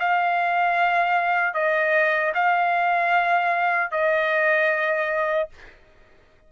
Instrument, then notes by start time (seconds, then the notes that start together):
trumpet
0.00 F5
1.54 D#5
2.35 F5
3.92 D#5